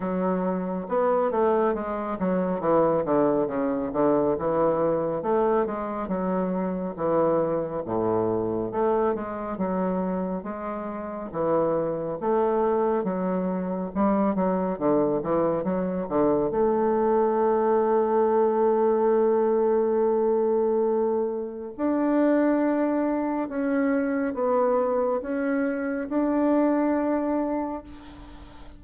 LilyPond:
\new Staff \with { instrumentName = "bassoon" } { \time 4/4 \tempo 4 = 69 fis4 b8 a8 gis8 fis8 e8 d8 | cis8 d8 e4 a8 gis8 fis4 | e4 a,4 a8 gis8 fis4 | gis4 e4 a4 fis4 |
g8 fis8 d8 e8 fis8 d8 a4~ | a1~ | a4 d'2 cis'4 | b4 cis'4 d'2 | }